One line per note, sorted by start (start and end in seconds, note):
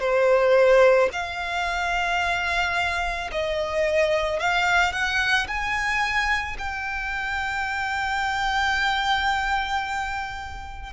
0.00 1.09 C5
1.13 3.31 F5
3.32 4.40 D#5
4.40 4.92 F5
4.92 5.47 F#5
5.48 6.57 G#5
6.59 10.93 G5